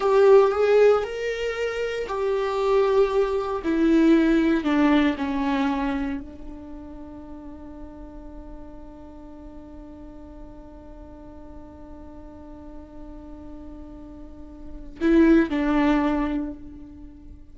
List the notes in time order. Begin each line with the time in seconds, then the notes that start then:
0.00 G4
0.51 G#4
1.03 A#4
2.07 G4
3.64 E4
4.64 D4
5.17 C#4
6.20 D4
15.00 E4
15.49 D4